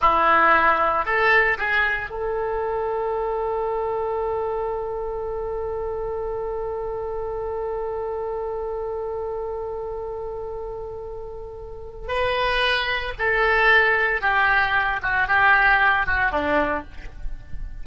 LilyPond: \new Staff \with { instrumentName = "oboe" } { \time 4/4 \tempo 4 = 114 e'2 a'4 gis'4 | a'1~ | a'1~ | a'1~ |
a'1~ | a'2. b'4~ | b'4 a'2 g'4~ | g'8 fis'8 g'4. fis'8 d'4 | }